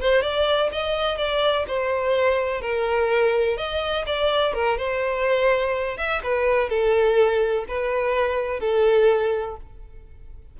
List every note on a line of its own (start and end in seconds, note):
0.00 0.22 C5
0.22 0.70 D5
0.72 1.17 D#5
1.17 1.65 D5
1.67 2.61 C5
2.61 3.57 A#4
3.57 4.05 D#5
4.06 4.53 D5
4.53 4.77 A#4
4.77 5.97 C5
5.97 6.21 E5
6.23 6.69 B4
6.69 7.65 A4
7.68 8.60 B4
8.60 9.56 A4